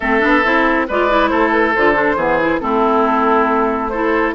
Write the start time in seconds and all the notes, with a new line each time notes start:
0.00 A3 C4 A4 E5
0.20 B3 D4
0.44 C4 E4
0.88 G#3 F4 B4 D5
1.09 E4
1.28 A3 A4 C5
1.51 B4
1.74 D3 F4 C5
1.94 D4
2.15 E3 B3 G#4
2.40 E4
2.59 A3 C4 E4 A4
3.88 E4 A4 C5